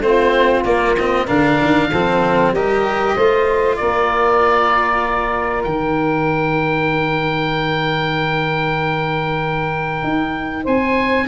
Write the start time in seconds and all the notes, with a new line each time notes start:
0.00 A3 C4 F4 C5
0.64 A#3 D5
0.97 C4 D#5
1.25 D3 D4 A#4 F5
1.61 D#3
1.91 F3 C4 A4
2.52 G3 G4 A#4 D#5
3.15 A3 F4 C5
3.77 A#3 A#4 D5
5.64 D#3 D#4 G5
10.03 D#4
10.64 C4 C5 G#5